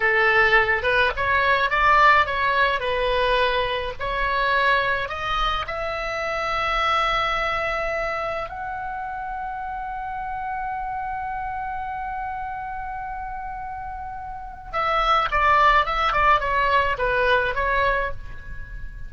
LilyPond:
\new Staff \with { instrumentName = "oboe" } { \time 4/4 \tempo 4 = 106 a'4. b'8 cis''4 d''4 | cis''4 b'2 cis''4~ | cis''4 dis''4 e''2~ | e''2. fis''4~ |
fis''1~ | fis''1~ | fis''2 e''4 d''4 | e''8 d''8 cis''4 b'4 cis''4 | }